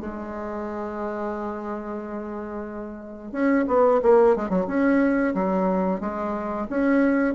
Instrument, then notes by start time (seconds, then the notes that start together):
bassoon
0.00 G#3
3.32 C#4
3.68 B3
4.02 A#3
4.36 G#3
4.49 F#3
4.67 C#4
5.34 F#3
6.00 G#3
6.69 C#4